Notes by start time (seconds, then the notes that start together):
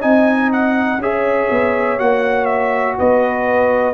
0.00 C4 D#4 D#5 G#5
0.52 F#5
0.98 C#4 G#4 C#5 E5
1.50 B3
1.99 A#3 F#4 F#5
2.45 E5
2.98 B3 B4 D#5